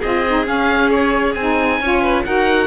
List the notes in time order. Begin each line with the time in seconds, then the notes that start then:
0.00 C4 F4 G#4 D#5
0.28 D#4
0.45 C#4 F5
0.91 C#5
1.35 C4 D#4 G#5
1.81 C#4 F4 C#5
2.02 B4
2.25 D#4 F#4 A#4 F#5